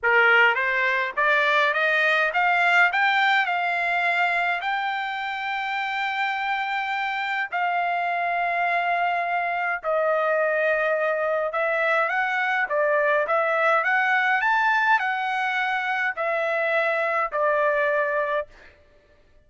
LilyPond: \new Staff \with { instrumentName = "trumpet" } { \time 4/4 \tempo 4 = 104 ais'4 c''4 d''4 dis''4 | f''4 g''4 f''2 | g''1~ | g''4 f''2.~ |
f''4 dis''2. | e''4 fis''4 d''4 e''4 | fis''4 a''4 fis''2 | e''2 d''2 | }